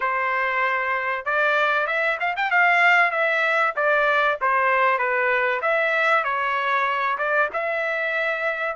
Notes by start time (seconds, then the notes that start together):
0.00 C5
1.25 D5
1.86 E5
2.19 F5
2.36 G5
2.50 F5
3.11 E5
3.76 D5
4.41 C5
4.98 B4
5.61 E5
6.24 C#5
7.17 D5
7.53 E5